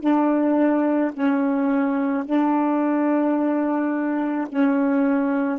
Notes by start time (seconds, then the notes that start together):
0.00 D4
1.13 C#4
2.25 D4
4.48 C#4